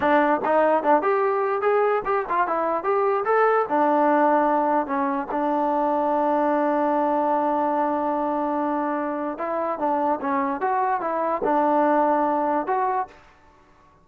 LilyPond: \new Staff \with { instrumentName = "trombone" } { \time 4/4 \tempo 4 = 147 d'4 dis'4 d'8 g'4. | gis'4 g'8 f'8 e'4 g'4 | a'4 d'2. | cis'4 d'2.~ |
d'1~ | d'2. e'4 | d'4 cis'4 fis'4 e'4 | d'2. fis'4 | }